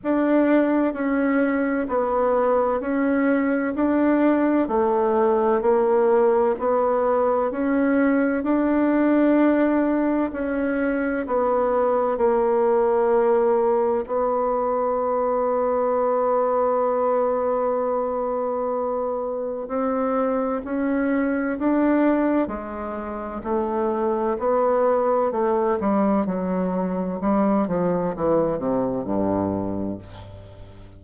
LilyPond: \new Staff \with { instrumentName = "bassoon" } { \time 4/4 \tempo 4 = 64 d'4 cis'4 b4 cis'4 | d'4 a4 ais4 b4 | cis'4 d'2 cis'4 | b4 ais2 b4~ |
b1~ | b4 c'4 cis'4 d'4 | gis4 a4 b4 a8 g8 | fis4 g8 f8 e8 c8 g,4 | }